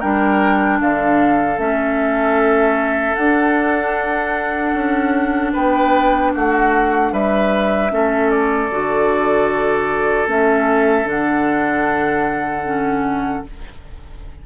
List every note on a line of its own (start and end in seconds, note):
0.00 0.81 G3
0.00 1.58 D4
0.00 0.79 A#4
0.00 0.80 G5
0.81 1.58 D3
0.81 5.53 A4
0.81 1.60 F5
1.58 3.16 A3
1.58 3.16 C#4
1.58 3.15 E5
3.15 4.74 D4
3.15 7.90 D4
3.15 5.52 F#5
4.74 5.53 C#4
5.53 6.35 B3
5.53 6.32 B4
5.53 6.34 G5
6.35 7.13 A3
6.35 7.13 F#4
6.35 7.14 F#5
7.13 7.92 G3
7.13 7.92 B4
7.13 8.31 E5
7.90 8.71 A3
7.90 8.69 C#4
7.90 13.46 A4
8.31 10.28 D5
8.71 10.27 D3
8.71 10.28 F#4
10.27 11.05 A3
10.27 11.05 C#4
10.27 11.09 E5
11.05 13.42 D3
11.05 12.63 D4
11.05 13.47 F#5
12.65 13.44 C#4